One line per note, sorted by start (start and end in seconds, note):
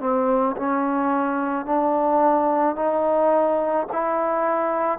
0.00 0.56 C4
0.56 1.66 C#4
1.66 2.75 D4
2.75 3.86 D#4
3.92 4.98 E4